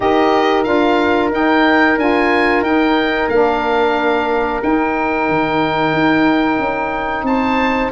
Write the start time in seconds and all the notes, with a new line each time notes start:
0.00 D#4 G4 A#4 D#5
0.63 D4 F4 F5
1.31 D#4 G5
1.97 D4 F4 G#5
2.61 D#4 G5
3.28 A#3 D4 F5
4.62 D#4 G5
5.28 D#3
5.93 D#4
6.58 C#4
7.23 C4 C5 A5